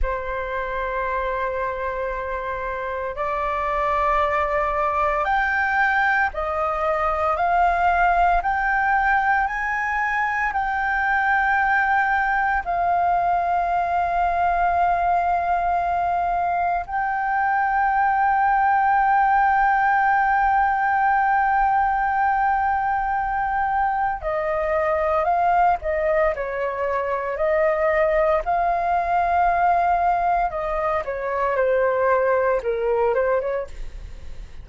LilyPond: \new Staff \with { instrumentName = "flute" } { \time 4/4 \tempo 4 = 57 c''2. d''4~ | d''4 g''4 dis''4 f''4 | g''4 gis''4 g''2 | f''1 |
g''1~ | g''2. dis''4 | f''8 dis''8 cis''4 dis''4 f''4~ | f''4 dis''8 cis''8 c''4 ais'8 c''16 cis''16 | }